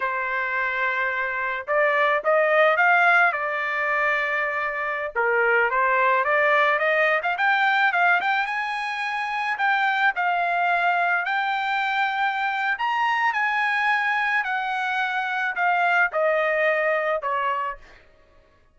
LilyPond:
\new Staff \with { instrumentName = "trumpet" } { \time 4/4 \tempo 4 = 108 c''2. d''4 | dis''4 f''4 d''2~ | d''4~ d''16 ais'4 c''4 d''8.~ | d''16 dis''8. f''16 g''4 f''8 g''8 gis''8.~ |
gis''4~ gis''16 g''4 f''4.~ f''16~ | f''16 g''2~ g''8. ais''4 | gis''2 fis''2 | f''4 dis''2 cis''4 | }